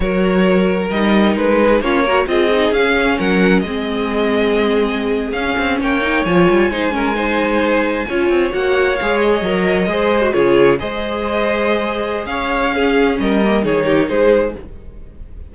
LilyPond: <<
  \new Staff \with { instrumentName = "violin" } { \time 4/4 \tempo 4 = 132 cis''2 dis''4 b'4 | cis''4 dis''4 f''4 fis''4 | dis''2.~ dis''8. f''16~ | f''8. g''4 gis''2~ gis''16~ |
gis''2~ gis''8. fis''4 f''16~ | f''16 dis''2~ dis''8 cis''4 dis''16~ | dis''2. f''4~ | f''4 dis''4 cis''4 c''4 | }
  \new Staff \with { instrumentName = "violin" } { \time 4/4 ais'2.~ ais'8 gis'8 | f'8 ais'8 gis'2 ais'4 | gis'1~ | gis'8. cis''2 c''8 ais'8 c''16~ |
c''4.~ c''16 cis''2~ cis''16~ | cis''4.~ cis''16 c''4 gis'4 c''16~ | c''2. cis''4 | gis'4 ais'4 gis'8 g'8 gis'4 | }
  \new Staff \with { instrumentName = "viola" } { \time 4/4 fis'2 dis'2 | cis'8 fis'8 f'8 dis'8 cis'2 | c'2.~ c'8. cis'16~ | cis'4~ cis'16 dis'8 f'4 dis'8 cis'8 dis'16~ |
dis'4.~ dis'16 f'4 fis'4 gis'16~ | gis'8. ais'4 gis'8. fis'16 f'4 gis'16~ | gis'1 | cis'4. ais8 dis'2 | }
  \new Staff \with { instrumentName = "cello" } { \time 4/4 fis2 g4 gis4 | ais4 c'4 cis'4 fis4 | gis2.~ gis8. cis'16~ | cis'16 c'8 ais4 f8 g8 gis4~ gis16~ |
gis4.~ gis16 cis'8 c'8 ais4 gis16~ | gis8. fis4 gis4 cis4 gis16~ | gis2. cis'4~ | cis'4 g4 dis4 gis4 | }
>>